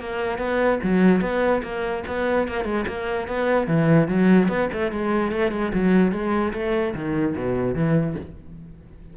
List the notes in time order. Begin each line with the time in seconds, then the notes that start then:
0.00 A#3
0.38 B3
0.83 F#3
1.21 B3
1.62 A#3
2.07 B3
2.48 A#3
2.64 G#3
2.88 A#3
3.27 B3
3.67 E3
4.08 F#3
4.48 B3
4.73 A3
4.91 G#3
5.32 A3
5.51 G#3
5.74 F#3
6.12 G#3
6.53 A3
6.94 D#3
7.36 B2
7.75 E3